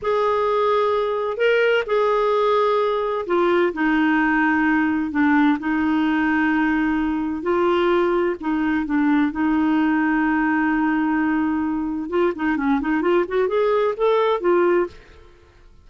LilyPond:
\new Staff \with { instrumentName = "clarinet" } { \time 4/4 \tempo 4 = 129 gis'2. ais'4 | gis'2. f'4 | dis'2. d'4 | dis'1 |
f'2 dis'4 d'4 | dis'1~ | dis'2 f'8 dis'8 cis'8 dis'8 | f'8 fis'8 gis'4 a'4 f'4 | }